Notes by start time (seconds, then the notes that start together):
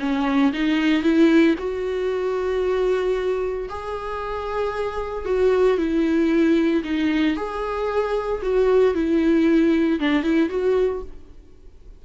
0.00 C#4
0.53 D#4
1.03 E4
1.58 F#4
3.69 G#4
5.26 F#4
5.78 E4
6.84 D#4
7.36 G#4
8.43 F#4
8.95 E4
10.00 D4
10.23 E4
10.50 F#4